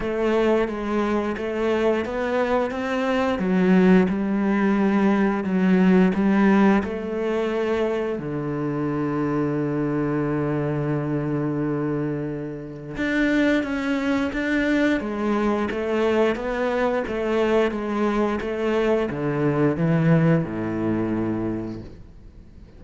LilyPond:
\new Staff \with { instrumentName = "cello" } { \time 4/4 \tempo 4 = 88 a4 gis4 a4 b4 | c'4 fis4 g2 | fis4 g4 a2 | d1~ |
d2. d'4 | cis'4 d'4 gis4 a4 | b4 a4 gis4 a4 | d4 e4 a,2 | }